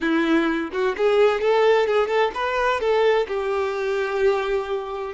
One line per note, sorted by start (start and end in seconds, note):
0.00 0.70 E4
0.72 0.95 F#4
0.97 1.40 G#4
1.40 1.86 A4
1.86 2.07 G#4
2.07 2.31 A4
2.34 2.80 B4
2.80 3.26 A4
3.27 5.13 G4